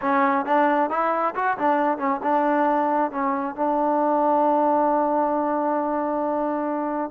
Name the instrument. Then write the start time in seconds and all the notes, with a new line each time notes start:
trombone
0.01 C#4
0.45 D4
0.89 E4
1.35 F#4
1.57 D4
1.98 C#4
2.22 D4
3.11 C#4
3.55 D4